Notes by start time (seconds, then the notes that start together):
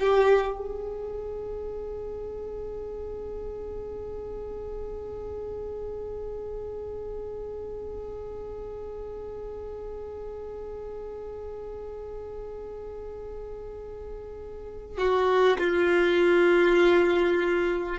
0.00 G4
0.58 G#4
14.98 F#4
15.59 F4